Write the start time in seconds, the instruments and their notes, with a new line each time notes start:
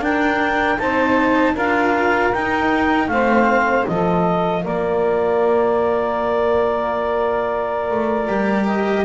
0.00 double bass D4, cello D4, saxophone A#4, clarinet G5
0.78 double bass C4, cello D#4, saxophone C5, clarinet A5
1.53 double bass D4, cello F4, saxophone A#4, clarinet F5
2.32 double bass D#4, cello D#4, clarinet G5
3.07 double bass A3, cello C4, saxophone C5, clarinet F5
3.86 double bass F3, cello F4, saxophone A4, clarinet D#5
4.62 double bass A#3, saxophone A#4, clarinet D5
7.90 double bass A3
8.28 double bass G3, cello G4
8.66 clarinet D#5